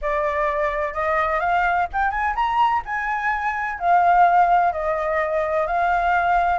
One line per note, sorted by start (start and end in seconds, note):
0.01 0.93 D5
0.93 1.40 D#5
1.40 1.87 F5
1.92 2.10 G5
2.10 2.34 G#5
2.35 2.82 A#5
2.85 3.79 G#5
3.79 4.72 F5
4.72 5.66 D#5
5.66 6.59 F5